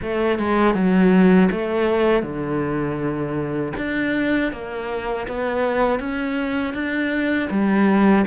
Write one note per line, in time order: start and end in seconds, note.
0.02 0.38 A3
0.38 0.74 G#3
0.74 1.49 F#3
1.51 2.22 A3
2.22 3.72 D3
3.76 4.51 D4
4.52 5.27 A#3
5.27 5.99 B3
5.99 6.74 C#4
6.74 7.49 D4
7.50 8.25 G3